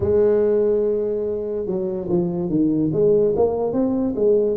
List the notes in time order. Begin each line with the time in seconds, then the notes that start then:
0.00 G#3
1.66 F#3
2.08 F3
2.49 D#3
2.92 G#3
3.36 A#3
3.72 C4
4.15 G#3